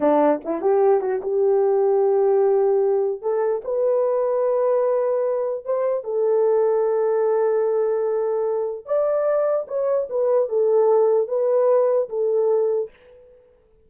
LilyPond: \new Staff \with { instrumentName = "horn" } { \time 4/4 \tempo 4 = 149 d'4 e'8 g'4 fis'8 g'4~ | g'1 | a'4 b'2.~ | b'2 c''4 a'4~ |
a'1~ | a'2 d''2 | cis''4 b'4 a'2 | b'2 a'2 | }